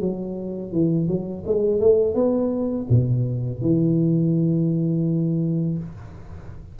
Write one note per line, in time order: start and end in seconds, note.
0.00 0.72 F#3
0.72 1.08 E3
1.08 1.44 F#3
1.47 1.80 G#3
1.80 2.15 A3
2.15 2.87 B3
2.89 3.61 B2
3.61 5.78 E3